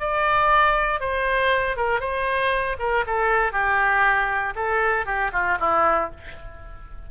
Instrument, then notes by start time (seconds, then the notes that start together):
oboe
0.00 D5
1.01 C5
1.77 A#4
2.01 C5
2.79 A#4
3.07 A4
3.52 G4
4.56 A4
5.06 G4
5.33 F4
5.60 E4